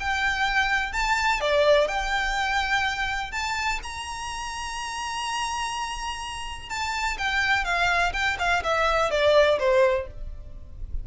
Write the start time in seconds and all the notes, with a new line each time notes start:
0.00 G5
0.93 A5
1.41 D5
1.88 G5
3.32 A5
3.83 A#5
6.70 A5
7.18 G5
7.65 F5
8.13 G5
8.39 F5
8.64 E5
9.11 D5
9.59 C5